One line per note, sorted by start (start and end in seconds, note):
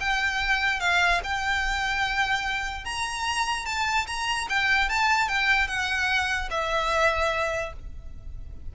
0.00 0.80 G5
0.80 1.21 F5
1.24 2.85 G5
2.85 3.66 A#5
3.66 4.06 A5
4.07 4.47 A#5
4.49 4.89 G5
4.89 5.29 A5
5.29 5.68 G5
5.68 6.49 F#5
6.50 7.73 E5